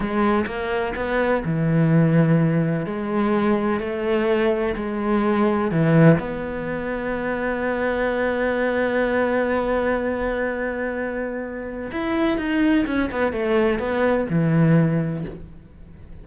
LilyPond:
\new Staff \with { instrumentName = "cello" } { \time 4/4 \tempo 4 = 126 gis4 ais4 b4 e4~ | e2 gis2 | a2 gis2 | e4 b2.~ |
b1~ | b1~ | b4 e'4 dis'4 cis'8 b8 | a4 b4 e2 | }